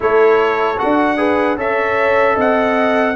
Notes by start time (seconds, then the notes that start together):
0.00 A3 E4 A4 C#5
0.77 D4 F#4 F#5
1.17 G#4 B4
1.56 C#4 A4 C#5 E5
2.35 C4 D#5 F#5